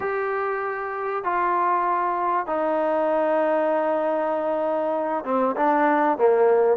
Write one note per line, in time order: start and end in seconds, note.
0.00 1.24 G4
1.24 2.46 F4
2.46 5.24 D#4
5.24 5.55 C4
5.56 6.17 D4
6.17 6.77 A#3